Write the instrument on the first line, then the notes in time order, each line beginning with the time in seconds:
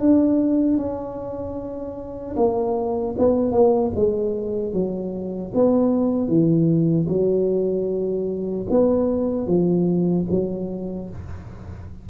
tuba
0.00 D4
0.78 C#4
2.36 A#3
3.19 B3
3.52 A#3
3.95 G#3
4.73 F#3
5.55 B3
6.28 E3
7.09 F#3
8.71 B3
9.47 F3
10.31 F#3